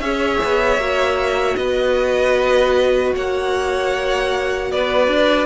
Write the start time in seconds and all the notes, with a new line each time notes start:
0.00 C#4 G#4 C#5 E5
0.44 B3
0.77 A#3 F#4
1.56 B3 B4 D#5
3.15 A#3 C#5 F#5
4.71 B3 B4 D5
5.08 D4